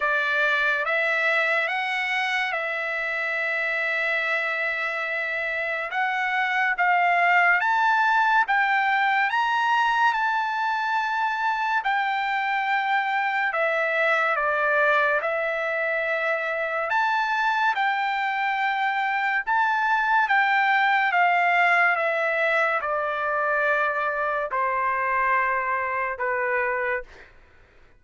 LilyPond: \new Staff \with { instrumentName = "trumpet" } { \time 4/4 \tempo 4 = 71 d''4 e''4 fis''4 e''4~ | e''2. fis''4 | f''4 a''4 g''4 ais''4 | a''2 g''2 |
e''4 d''4 e''2 | a''4 g''2 a''4 | g''4 f''4 e''4 d''4~ | d''4 c''2 b'4 | }